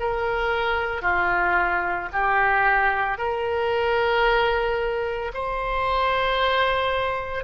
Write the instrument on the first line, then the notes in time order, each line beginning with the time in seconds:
oboe
0.00 A#4
1.02 F4
2.12 G4
3.18 A#4
5.34 C5